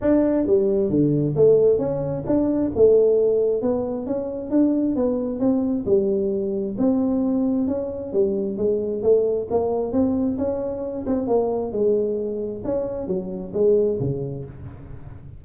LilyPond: \new Staff \with { instrumentName = "tuba" } { \time 4/4 \tempo 4 = 133 d'4 g4 d4 a4 | cis'4 d'4 a2 | b4 cis'4 d'4 b4 | c'4 g2 c'4~ |
c'4 cis'4 g4 gis4 | a4 ais4 c'4 cis'4~ | cis'8 c'8 ais4 gis2 | cis'4 fis4 gis4 cis4 | }